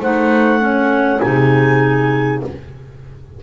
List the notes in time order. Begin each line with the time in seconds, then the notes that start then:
0.00 A3 D#4 C5 F#5
0.60 C#4 C#5
1.21 C3 D#4 G#4 G#5